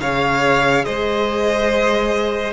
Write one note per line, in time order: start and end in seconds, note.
0.00 0.85 C#3
0.00 2.52 G#4
0.00 0.85 C#5
0.00 0.84 F5
0.84 2.52 G#3
0.84 2.52 C5
0.84 2.52 D#5